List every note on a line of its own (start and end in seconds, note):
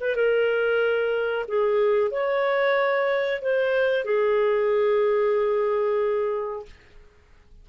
0.00 0.15 B4
0.15 1.46 A#4
1.48 2.11 G#4
2.11 3.41 C#5
3.41 4.04 C5
4.04 6.65 G#4